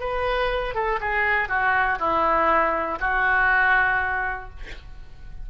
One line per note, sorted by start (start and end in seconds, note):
0.00 0.75 B4
0.75 1.00 A4
1.01 1.49 G#4
1.49 1.99 F#4
2.00 3.00 E4
3.00 4.50 F#4